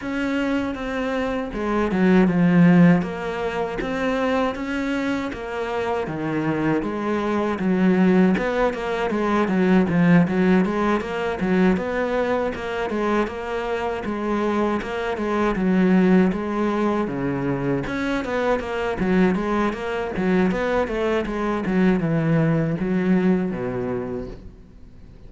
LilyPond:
\new Staff \with { instrumentName = "cello" } { \time 4/4 \tempo 4 = 79 cis'4 c'4 gis8 fis8 f4 | ais4 c'4 cis'4 ais4 | dis4 gis4 fis4 b8 ais8 | gis8 fis8 f8 fis8 gis8 ais8 fis8 b8~ |
b8 ais8 gis8 ais4 gis4 ais8 | gis8 fis4 gis4 cis4 cis'8 | b8 ais8 fis8 gis8 ais8 fis8 b8 a8 | gis8 fis8 e4 fis4 b,4 | }